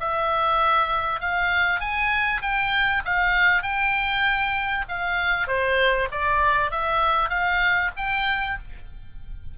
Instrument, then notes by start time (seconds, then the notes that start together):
oboe
0.00 E5
1.20 F5
1.80 G#5
2.42 G5
3.05 F5
3.63 G5
4.89 F5
5.48 C5
6.11 D5
6.71 E5
7.29 F5
7.97 G5